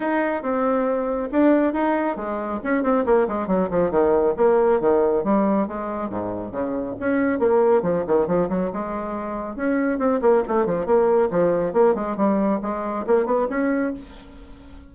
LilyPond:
\new Staff \with { instrumentName = "bassoon" } { \time 4/4 \tempo 4 = 138 dis'4 c'2 d'4 | dis'4 gis4 cis'8 c'8 ais8 gis8 | fis8 f8 dis4 ais4 dis4 | g4 gis4 gis,4 cis4 |
cis'4 ais4 f8 dis8 f8 fis8 | gis2 cis'4 c'8 ais8 | a8 f8 ais4 f4 ais8 gis8 | g4 gis4 ais8 b8 cis'4 | }